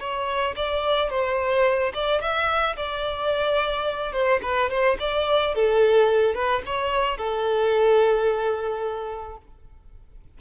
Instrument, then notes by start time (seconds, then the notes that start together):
violin
0.00 C#5
0.56 D5
1.10 C5
1.94 D5
2.21 E5
2.77 D5
4.13 C5
4.43 B4
4.70 C5
5.00 D5
5.55 A4
6.35 B4
6.66 C#5
7.18 A4